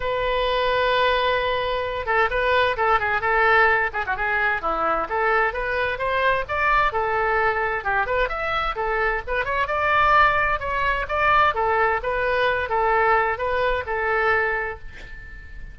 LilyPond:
\new Staff \with { instrumentName = "oboe" } { \time 4/4 \tempo 4 = 130 b'1~ | b'8 a'8 b'4 a'8 gis'8 a'4~ | a'8 gis'16 fis'16 gis'4 e'4 a'4 | b'4 c''4 d''4 a'4~ |
a'4 g'8 b'8 e''4 a'4 | b'8 cis''8 d''2 cis''4 | d''4 a'4 b'4. a'8~ | a'4 b'4 a'2 | }